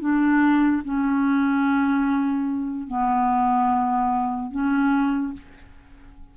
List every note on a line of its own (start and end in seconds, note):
0.00 0.82 D4
0.84 2.87 C#4
2.87 4.51 B3
4.51 5.33 C#4